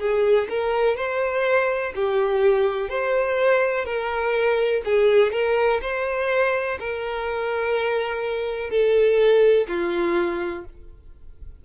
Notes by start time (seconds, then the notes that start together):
0.00 G#4
0.49 A#4
0.96 C5
1.95 G4
2.89 C5
3.85 A#4
4.85 G#4
5.32 A#4
5.82 C5
6.80 A#4
8.71 A4
9.69 F4